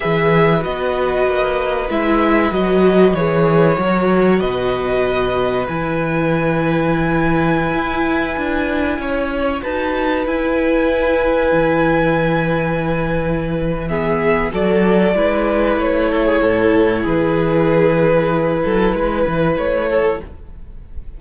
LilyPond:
<<
  \new Staff \with { instrumentName = "violin" } { \time 4/4 \tempo 4 = 95 e''4 dis''2 e''4 | dis''4 cis''2 dis''4~ | dis''4 gis''2.~ | gis''2.~ gis''16 a''8.~ |
a''16 gis''2.~ gis''8.~ | gis''2 e''4 d''4~ | d''4 cis''2 b'4~ | b'2. cis''4 | }
  \new Staff \with { instrumentName = "violin" } { \time 4/4 b'1~ | b'2 ais'4 b'4~ | b'1~ | b'2~ b'16 cis''4 b'8.~ |
b'1~ | b'2 gis'4 a'4 | b'4. a'16 gis'16 a'4 gis'4~ | gis'4. a'8 b'4. a'8 | }
  \new Staff \with { instrumentName = "viola" } { \time 4/4 gis'4 fis'2 e'4 | fis'4 gis'4 fis'2~ | fis'4 e'2.~ | e'2.~ e'16 fis'8.~ |
fis'16 e'2.~ e'8.~ | e'2 b4 fis'4 | e'1~ | e'1 | }
  \new Staff \with { instrumentName = "cello" } { \time 4/4 e4 b4 ais4 gis4 | fis4 e4 fis4 b,4~ | b,4 e2.~ | e16 e'4 d'4 cis'4 dis'8.~ |
dis'16 e'2 e4.~ e16~ | e2. fis4 | gis4 a4 a,4 e4~ | e4. fis8 gis8 e8 a4 | }
>>